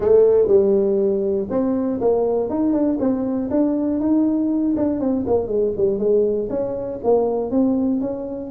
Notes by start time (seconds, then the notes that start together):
0.00 A3
0.47 G3
1.50 C4
2.00 A#3
2.49 D#4
2.72 D4
2.99 C4
3.50 D4
4.00 D#4
4.76 D4
5.00 C4
5.27 A#3
5.47 G#3
5.76 G3
5.98 G#3
6.49 C#4
7.03 A#3
7.50 C4
8.00 C#4